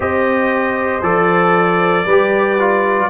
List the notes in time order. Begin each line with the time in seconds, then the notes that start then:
0.00 C4 G4 C5 D#5
1.02 F3 A4 D5
2.05 G3 G4 B4
2.59 F4